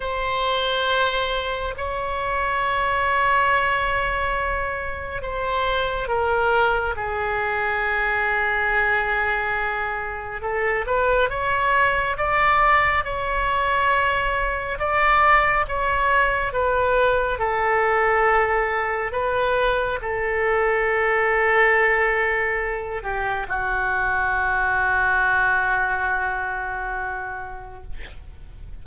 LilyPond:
\new Staff \with { instrumentName = "oboe" } { \time 4/4 \tempo 4 = 69 c''2 cis''2~ | cis''2 c''4 ais'4 | gis'1 | a'8 b'8 cis''4 d''4 cis''4~ |
cis''4 d''4 cis''4 b'4 | a'2 b'4 a'4~ | a'2~ a'8 g'8 fis'4~ | fis'1 | }